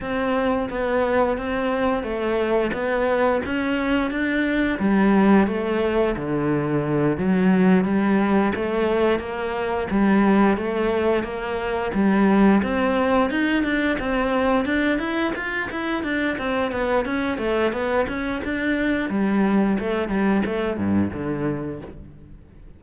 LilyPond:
\new Staff \with { instrumentName = "cello" } { \time 4/4 \tempo 4 = 88 c'4 b4 c'4 a4 | b4 cis'4 d'4 g4 | a4 d4. fis4 g8~ | g8 a4 ais4 g4 a8~ |
a8 ais4 g4 c'4 dis'8 | d'8 c'4 d'8 e'8 f'8 e'8 d'8 | c'8 b8 cis'8 a8 b8 cis'8 d'4 | g4 a8 g8 a8 g,8 d4 | }